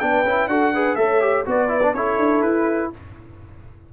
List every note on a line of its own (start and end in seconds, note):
0.00 0.24 B3
0.00 0.26 D4
0.00 0.50 B4
0.00 0.48 G5
0.24 0.48 C#4
0.24 0.50 E4
0.48 0.96 D4
0.48 0.74 F#4
0.48 0.74 A4
0.48 0.96 F#5
0.74 0.98 G#4
0.74 0.98 B4
0.96 1.45 A3
0.96 1.21 A4
0.96 1.47 C#5
0.96 1.44 E5
1.21 1.45 G4
1.46 1.94 B3
1.46 1.69 F#4
1.46 1.96 B4
1.46 1.95 D5
1.69 1.81 E4
1.83 1.95 D4
1.94 2.18 C#4
1.94 2.94 E4
1.94 2.92 A4
1.94 2.42 C#5
2.18 2.42 D4
2.42 2.91 E4
2.42 2.91 B4